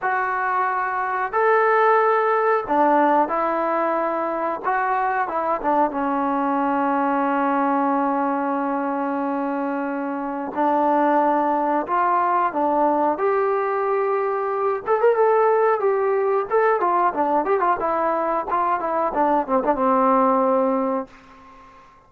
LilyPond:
\new Staff \with { instrumentName = "trombone" } { \time 4/4 \tempo 4 = 91 fis'2 a'2 | d'4 e'2 fis'4 | e'8 d'8 cis'2.~ | cis'1 |
d'2 f'4 d'4 | g'2~ g'8 a'16 ais'16 a'4 | g'4 a'8 f'8 d'8 g'16 f'16 e'4 | f'8 e'8 d'8 c'16 d'16 c'2 | }